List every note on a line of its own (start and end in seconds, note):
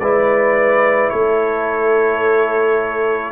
0.00 1.11 G#3
0.00 3.33 E4
0.00 1.12 B4
0.00 1.10 D5
1.10 3.33 A3
1.10 3.33 A4
1.10 3.32 C#5